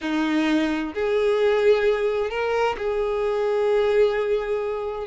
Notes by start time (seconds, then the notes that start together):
0.01 D#4
0.94 G#4
2.30 A#4
2.77 G#4